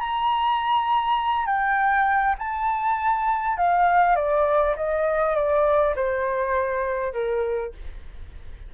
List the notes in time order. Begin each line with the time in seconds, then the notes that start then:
0.00 A#5
1.46 G5
2.38 A5
3.57 F5
4.16 D5
4.76 D#5
5.35 D5
5.95 C5
7.13 A#4